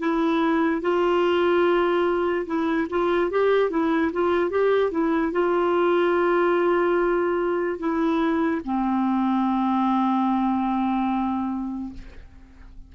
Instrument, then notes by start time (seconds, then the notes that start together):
clarinet
0.00 E4
0.82 F4
2.47 E4
2.90 F4
3.31 G4
3.71 E4
4.13 F4
4.51 G4
4.91 E4
5.32 F4
7.79 E4
8.65 C4